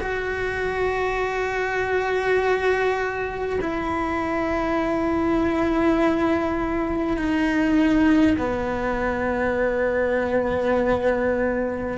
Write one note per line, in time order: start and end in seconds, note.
0.00 3.60 F#4
3.61 7.18 E4
7.18 8.38 D#4
8.38 11.98 B3